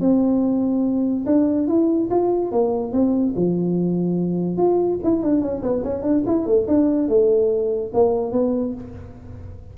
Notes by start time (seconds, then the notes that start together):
0.00 C4
1.26 D4
1.67 E4
2.10 F4
2.52 A#3
2.92 C4
3.36 F3
4.57 F4
5.03 E4
5.23 D4
5.41 C#4
5.62 B3
5.84 C#4
6.02 D4
6.26 E4
6.46 A3
6.68 D4
7.08 A3
7.94 A#3
8.32 B3